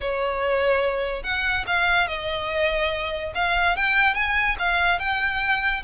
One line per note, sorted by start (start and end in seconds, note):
0.01 1.23 C#5
1.23 1.65 F#5
1.66 2.07 F5
2.07 3.32 D#5
3.34 3.76 F5
3.76 4.14 G5
4.14 4.56 G#5
4.58 4.99 F5
4.99 5.82 G5